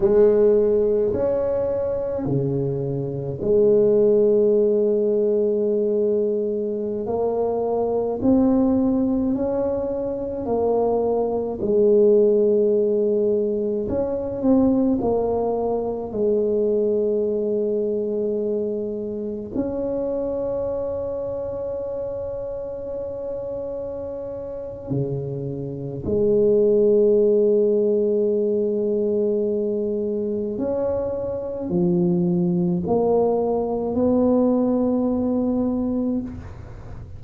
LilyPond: \new Staff \with { instrumentName = "tuba" } { \time 4/4 \tempo 4 = 53 gis4 cis'4 cis4 gis4~ | gis2~ gis16 ais4 c'8.~ | c'16 cis'4 ais4 gis4.~ gis16~ | gis16 cis'8 c'8 ais4 gis4.~ gis16~ |
gis4~ gis16 cis'2~ cis'8.~ | cis'2 cis4 gis4~ | gis2. cis'4 | f4 ais4 b2 | }